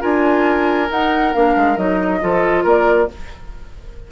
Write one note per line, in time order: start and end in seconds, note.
0.00 0.90 D4
0.00 0.88 F4
0.00 2.19 A#4
0.00 0.89 G#5
0.88 1.32 D#4
0.88 1.33 D#4
0.88 1.33 F#5
1.33 1.56 A#3
1.33 1.76 D4
1.33 1.77 F5
1.56 1.77 G#3
1.76 2.21 F#3
1.76 2.20 D#4
1.76 2.64 D#5
2.20 2.64 F3
2.20 3.08 F4
2.20 2.63 A4
2.63 3.08 A#3
2.63 3.07 A#4
2.63 3.11 D5